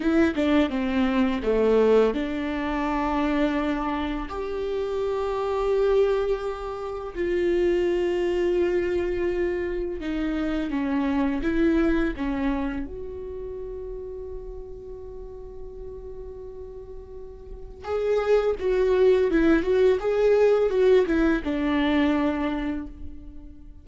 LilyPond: \new Staff \with { instrumentName = "viola" } { \time 4/4 \tempo 4 = 84 e'8 d'8 c'4 a4 d'4~ | d'2 g'2~ | g'2 f'2~ | f'2 dis'4 cis'4 |
e'4 cis'4 fis'2~ | fis'1~ | fis'4 gis'4 fis'4 e'8 fis'8 | gis'4 fis'8 e'8 d'2 | }